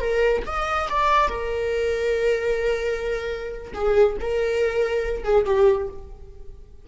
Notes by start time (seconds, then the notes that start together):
0.00 A#4
0.46 D#5
0.89 D5
1.28 A#4
3.74 G#4
4.20 A#4
5.24 G#4
5.45 G4